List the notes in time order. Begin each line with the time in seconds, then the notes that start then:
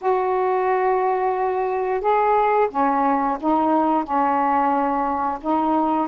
0.01 F#4
2.00 G#4
2.70 C#4
3.40 D#4
4.04 C#4
5.41 D#4